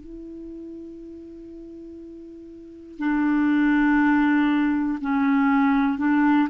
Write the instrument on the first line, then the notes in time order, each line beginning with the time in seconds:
clarinet
0.00 E4
2.99 D4
5.01 C#4
5.98 D4